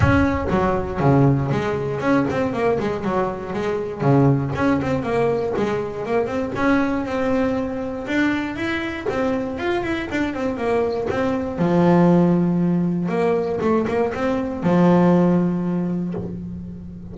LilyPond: \new Staff \with { instrumentName = "double bass" } { \time 4/4 \tempo 4 = 119 cis'4 fis4 cis4 gis4 | cis'8 c'8 ais8 gis8 fis4 gis4 | cis4 cis'8 c'8 ais4 gis4 | ais8 c'8 cis'4 c'2 |
d'4 e'4 c'4 f'8 e'8 | d'8 c'8 ais4 c'4 f4~ | f2 ais4 a8 ais8 | c'4 f2. | }